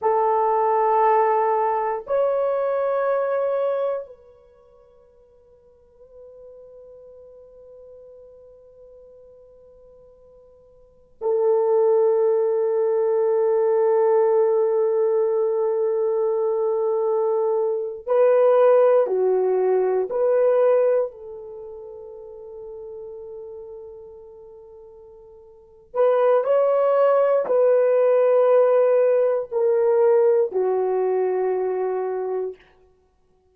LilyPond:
\new Staff \with { instrumentName = "horn" } { \time 4/4 \tempo 4 = 59 a'2 cis''2 | b'1~ | b'2. a'4~ | a'1~ |
a'4.~ a'16 b'4 fis'4 b'16~ | b'8. a'2.~ a'16~ | a'4. b'8 cis''4 b'4~ | b'4 ais'4 fis'2 | }